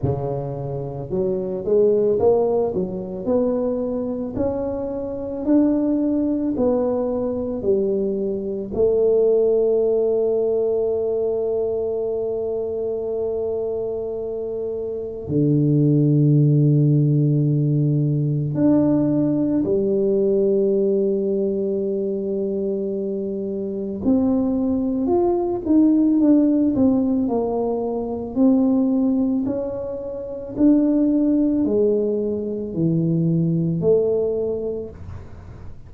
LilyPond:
\new Staff \with { instrumentName = "tuba" } { \time 4/4 \tempo 4 = 55 cis4 fis8 gis8 ais8 fis8 b4 | cis'4 d'4 b4 g4 | a1~ | a2 d2~ |
d4 d'4 g2~ | g2 c'4 f'8 dis'8 | d'8 c'8 ais4 c'4 cis'4 | d'4 gis4 e4 a4 | }